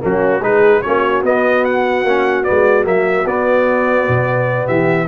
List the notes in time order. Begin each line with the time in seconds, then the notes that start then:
0.00 F#3 A#3 C#4 F#4
0.40 G#3 D#4 G#4 B4
0.82 A#3 C#4 F#4 C#5
1.23 B3 D#5
1.65 F#5
2.04 A#3 C#4
2.44 B3 D5
2.50 G#3
2.84 F#3 A#3 E5
3.26 B3 D5
4.09 B2
4.66 E3 G4 E5